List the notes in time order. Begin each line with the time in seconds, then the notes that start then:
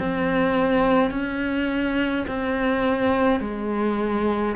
0.00 C4
1.11 C#4
2.28 C4
3.41 G#3